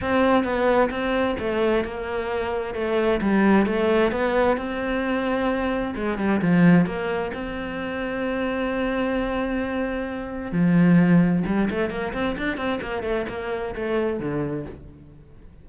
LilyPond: \new Staff \with { instrumentName = "cello" } { \time 4/4 \tempo 4 = 131 c'4 b4 c'4 a4 | ais2 a4 g4 | a4 b4 c'2~ | c'4 gis8 g8 f4 ais4 |
c'1~ | c'2. f4~ | f4 g8 a8 ais8 c'8 d'8 c'8 | ais8 a8 ais4 a4 d4 | }